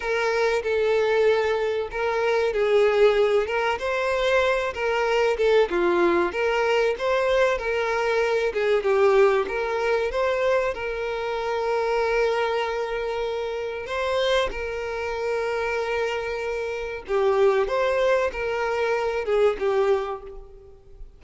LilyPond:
\new Staff \with { instrumentName = "violin" } { \time 4/4 \tempo 4 = 95 ais'4 a'2 ais'4 | gis'4. ais'8 c''4. ais'8~ | ais'8 a'8 f'4 ais'4 c''4 | ais'4. gis'8 g'4 ais'4 |
c''4 ais'2.~ | ais'2 c''4 ais'4~ | ais'2. g'4 | c''4 ais'4. gis'8 g'4 | }